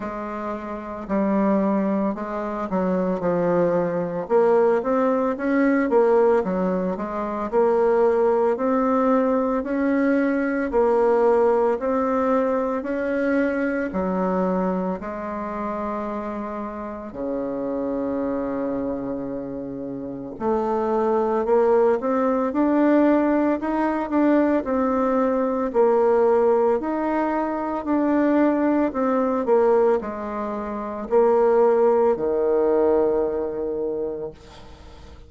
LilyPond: \new Staff \with { instrumentName = "bassoon" } { \time 4/4 \tempo 4 = 56 gis4 g4 gis8 fis8 f4 | ais8 c'8 cis'8 ais8 fis8 gis8 ais4 | c'4 cis'4 ais4 c'4 | cis'4 fis4 gis2 |
cis2. a4 | ais8 c'8 d'4 dis'8 d'8 c'4 | ais4 dis'4 d'4 c'8 ais8 | gis4 ais4 dis2 | }